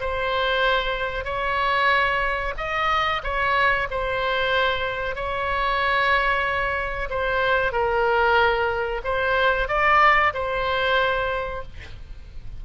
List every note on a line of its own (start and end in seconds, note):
0.00 1.24 C5
1.24 2.53 C#5
2.57 3.21 D#5
3.23 3.88 C#5
3.90 5.15 C5
5.15 7.09 C#5
7.10 7.72 C5
7.72 9.01 A#4
9.04 9.68 C5
9.68 10.33 D5
10.33 11.62 C5